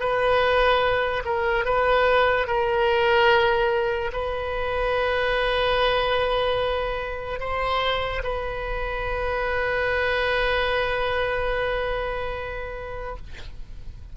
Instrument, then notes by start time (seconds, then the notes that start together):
oboe
0.00 B4
1.26 A#4
1.66 B4
2.47 A#4
4.13 B4
7.40 C5
8.24 B4